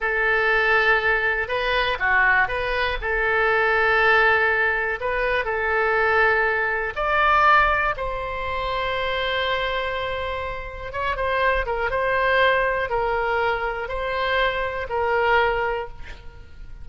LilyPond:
\new Staff \with { instrumentName = "oboe" } { \time 4/4 \tempo 4 = 121 a'2. b'4 | fis'4 b'4 a'2~ | a'2 b'4 a'4~ | a'2 d''2 |
c''1~ | c''2 cis''8 c''4 ais'8 | c''2 ais'2 | c''2 ais'2 | }